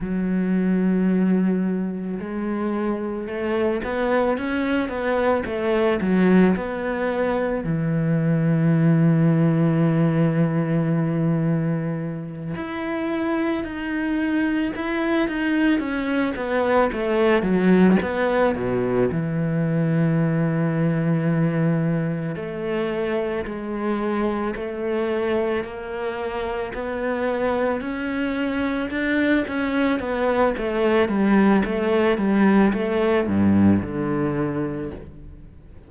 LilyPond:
\new Staff \with { instrumentName = "cello" } { \time 4/4 \tempo 4 = 55 fis2 gis4 a8 b8 | cis'8 b8 a8 fis8 b4 e4~ | e2.~ e8 e'8~ | e'8 dis'4 e'8 dis'8 cis'8 b8 a8 |
fis8 b8 b,8 e2~ e8~ | e8 a4 gis4 a4 ais8~ | ais8 b4 cis'4 d'8 cis'8 b8 | a8 g8 a8 g8 a8 g,8 d4 | }